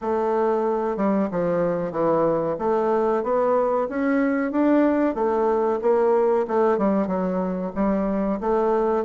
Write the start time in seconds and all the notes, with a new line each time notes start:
0.01 A3
0.96 G3
1.31 F3
1.91 E3
2.58 A3
3.23 B3
3.89 C#4
4.51 D4
5.14 A3
5.81 A#3
6.47 A3
6.77 G3
7.07 F#3
7.75 G3
8.40 A3